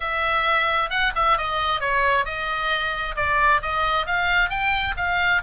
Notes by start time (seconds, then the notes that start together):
0.00 E5
0.90 F#5
1.15 E5
1.37 D#5
1.80 C#5
2.25 D#5
3.16 D5
3.62 D#5
4.06 F5
4.49 G5
4.96 F5